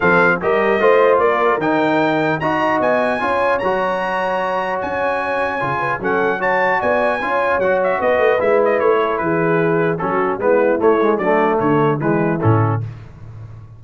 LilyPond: <<
  \new Staff \with { instrumentName = "trumpet" } { \time 4/4 \tempo 4 = 150 f''4 dis''2 d''4 | g''2 ais''4 gis''4~ | gis''4 ais''2. | gis''2. fis''4 |
a''4 gis''2 fis''8 e''8 | dis''4 e''8 dis''8 cis''4 b'4~ | b'4 a'4 b'4 cis''4 | d''4 cis''4 b'4 a'4 | }
  \new Staff \with { instrumentName = "horn" } { \time 4/4 a'4 ais'4 c''4 ais'4~ | ais'2 dis''2 | cis''1~ | cis''2~ cis''8 b'8 a'4 |
cis''4 d''4 cis''2 | b'2~ b'8 a'8 gis'4~ | gis'4 fis'4 e'2 | d'4 a'4 e'2 | }
  \new Staff \with { instrumentName = "trombone" } { \time 4/4 c'4 g'4 f'2 | dis'2 fis'2 | f'4 fis'2.~ | fis'2 f'4 cis'4 |
fis'2 f'4 fis'4~ | fis'4 e'2.~ | e'4 cis'4 b4 a8 gis8 | a2 gis4 cis'4 | }
  \new Staff \with { instrumentName = "tuba" } { \time 4/4 f4 g4 a4 ais4 | dis2 dis'4 b4 | cis'4 fis2. | cis'2 cis4 fis4~ |
fis4 b4 cis'4 fis4 | b8 a8 gis4 a4 e4~ | e4 fis4 gis4 a4 | fis4 d4 e4 a,4 | }
>>